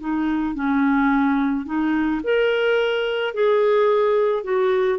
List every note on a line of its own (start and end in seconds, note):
0.00 0.55 D#4
0.55 1.65 C#4
1.65 2.21 D#4
2.23 3.34 A#4
3.34 4.44 G#4
4.44 4.99 F#4